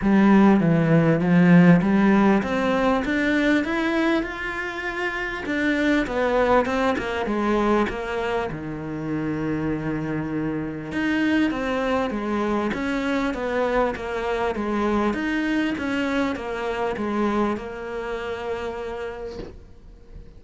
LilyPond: \new Staff \with { instrumentName = "cello" } { \time 4/4 \tempo 4 = 99 g4 e4 f4 g4 | c'4 d'4 e'4 f'4~ | f'4 d'4 b4 c'8 ais8 | gis4 ais4 dis2~ |
dis2 dis'4 c'4 | gis4 cis'4 b4 ais4 | gis4 dis'4 cis'4 ais4 | gis4 ais2. | }